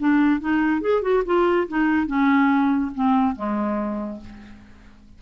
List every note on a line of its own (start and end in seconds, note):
0.00 0.41 D4
0.41 0.82 D#4
0.82 1.02 G#4
1.02 1.23 F#4
1.25 1.68 F4
1.68 2.07 D#4
2.07 2.92 C#4
2.95 3.36 C4
3.36 4.21 G#3